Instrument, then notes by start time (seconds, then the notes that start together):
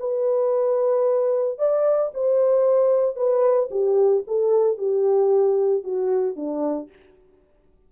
horn
0.00 B4
1.59 D5
2.15 C5
3.16 B4
3.71 G4
4.28 A4
4.78 G4
5.84 F#4
6.37 D4